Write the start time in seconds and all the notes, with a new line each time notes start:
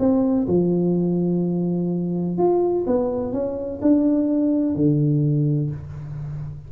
0.00 C4
0.48 F3
2.38 F4
2.87 B3
3.33 C#4
3.82 D4
4.76 D3